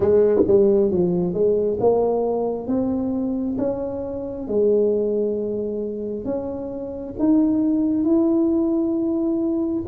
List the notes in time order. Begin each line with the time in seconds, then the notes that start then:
0.00 G#3
0.47 G3
0.90 F3
1.33 G#3
1.80 A#3
2.67 C4
3.58 C#4
4.47 G#3
6.24 C#4
7.18 D#4
8.04 E4